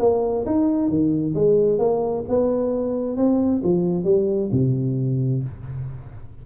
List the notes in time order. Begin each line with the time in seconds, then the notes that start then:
0.00 A#3
0.46 D#4
0.89 D#3
1.35 G#3
1.79 A#3
2.29 B3
3.17 C4
3.64 F3
4.05 G3
4.52 C3